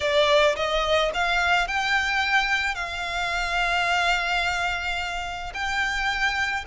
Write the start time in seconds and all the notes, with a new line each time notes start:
0.00 D5
0.56 D#5
1.14 F5
1.67 G5
2.74 F5
5.54 G5